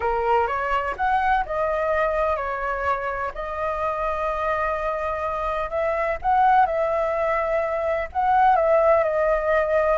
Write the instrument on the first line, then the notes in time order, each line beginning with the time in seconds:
flute
0.00 A#4
0.47 C#5
0.97 F#5
1.45 D#5
2.36 C#5
3.34 D#5
5.70 E5
6.21 F#5
6.66 E5
8.12 F#5
8.56 E5
9.03 D#5